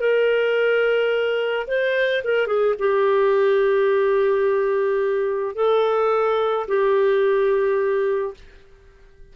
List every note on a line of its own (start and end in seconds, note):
0.00 1.67 A#4
1.67 2.23 C5
2.24 2.47 A#4
2.47 2.74 G#4
2.79 5.55 G4
5.55 6.66 A4
6.67 8.34 G4